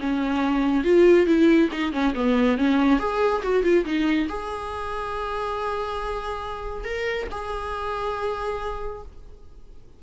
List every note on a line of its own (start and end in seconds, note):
0.00 0.84 C#4
0.84 1.26 F4
1.26 1.69 E4
1.72 1.92 D#4
1.92 2.14 C#4
2.15 2.58 B3
2.58 2.99 C#4
2.99 3.42 G#4
3.42 3.63 F#4
3.63 3.85 F4
3.85 4.28 D#4
4.29 6.84 G#4
6.84 7.27 A#4
7.31 9.03 G#4